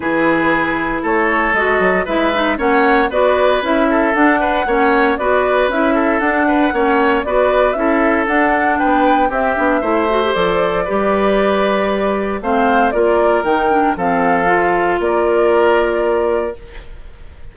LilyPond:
<<
  \new Staff \with { instrumentName = "flute" } { \time 4/4 \tempo 4 = 116 b'2 cis''4 dis''4 | e''4 fis''4 d''4 e''4 | fis''2 d''4 e''4 | fis''2 d''4 e''4 |
fis''4 g''4 e''2 | d''1 | f''4 d''4 g''4 f''4~ | f''4 d''2. | }
  \new Staff \with { instrumentName = "oboe" } { \time 4/4 gis'2 a'2 | b'4 cis''4 b'4. a'8~ | a'8 b'8 cis''4 b'4. a'8~ | a'8 b'8 cis''4 b'4 a'4~ |
a'4 b'4 g'4 c''4~ | c''4 b'2. | c''4 ais'2 a'4~ | a'4 ais'2. | }
  \new Staff \with { instrumentName = "clarinet" } { \time 4/4 e'2. fis'4 | e'8 dis'8 cis'4 fis'4 e'4 | d'4 cis'4 fis'4 e'4 | d'4 cis'4 fis'4 e'4 |
d'2 c'8 d'8 e'8 fis'16 g'16 | a'4 g'2. | c'4 f'4 dis'8 d'8 c'4 | f'1 | }
  \new Staff \with { instrumentName = "bassoon" } { \time 4/4 e2 a4 gis8 fis8 | gis4 ais4 b4 cis'4 | d'4 ais4 b4 cis'4 | d'4 ais4 b4 cis'4 |
d'4 b4 c'8 b8 a4 | f4 g2. | a4 ais4 dis4 f4~ | f4 ais2. | }
>>